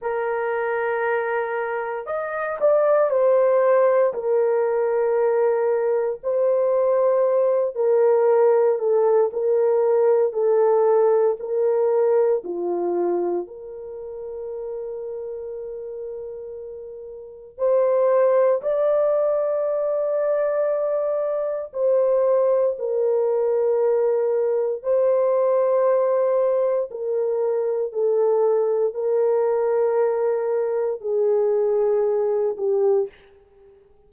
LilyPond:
\new Staff \with { instrumentName = "horn" } { \time 4/4 \tempo 4 = 58 ais'2 dis''8 d''8 c''4 | ais'2 c''4. ais'8~ | ais'8 a'8 ais'4 a'4 ais'4 | f'4 ais'2.~ |
ais'4 c''4 d''2~ | d''4 c''4 ais'2 | c''2 ais'4 a'4 | ais'2 gis'4. g'8 | }